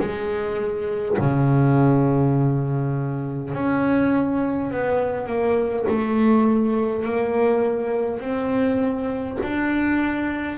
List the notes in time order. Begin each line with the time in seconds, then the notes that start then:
0.00 G#3
1.19 C#3
3.54 C#4
4.71 B3
5.27 A#3
5.89 A3
7.05 A#3
8.20 C4
9.43 D4